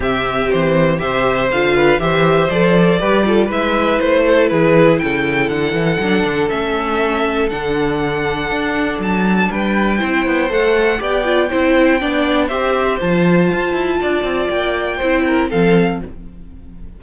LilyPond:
<<
  \new Staff \with { instrumentName = "violin" } { \time 4/4 \tempo 4 = 120 e''4 c''4 e''4 f''4 | e''4 d''2 e''4 | c''4 b'4 g''4 fis''4~ | fis''4 e''2 fis''4~ |
fis''2 a''4 g''4~ | g''4 fis''4 g''2~ | g''4 e''4 a''2~ | a''4 g''2 f''4 | }
  \new Staff \with { instrumentName = "violin" } { \time 4/4 g'2 c''4. b'8 | c''2 b'8 a'8 b'4~ | b'8 a'8 gis'4 a'2~ | a'1~ |
a'2. b'4 | c''2 d''4 c''4 | d''4 c''2. | d''2 c''8 ais'8 a'4 | }
  \new Staff \with { instrumentName = "viola" } { \time 4/4 c'2 g'4 f'4 | g'4 a'4 g'8 f'8 e'4~ | e'1 | d'4 cis'2 d'4~ |
d'1 | e'4 a'4 g'8 f'8 e'4 | d'4 g'4 f'2~ | f'2 e'4 c'4 | }
  \new Staff \with { instrumentName = "cello" } { \time 4/4 c4 e4 c4 d4 | e4 f4 g4 gis4 | a4 e4 cis4 d8 e8 | fis8 d8 a2 d4~ |
d4 d'4 fis4 g4 | c'8 b8 a4 b4 c'4 | b4 c'4 f4 f'8 e'8 | d'8 c'8 ais4 c'4 f4 | }
>>